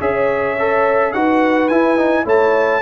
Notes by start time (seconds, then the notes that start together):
0.00 C#4 G#4 C#5 E5
0.59 A4
1.12 D#4 F#4 B4 F#5
1.68 E4 G#5
1.97 D#4
2.24 A3 E4 C#5 A5